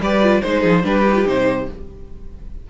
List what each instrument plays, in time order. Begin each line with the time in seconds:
0.00 cello G3, viola G4, violin B4 D5
0.23 viola F4
0.41 cello G#3, viola D#4, violin C5
0.47 violin C5
0.60 cello F3, violin G#4
0.83 cello G3, viola D4, violin G4 B4
1.08 viola D#4
1.15 viola F4
1.25 cello C3, viola D#4, violin C5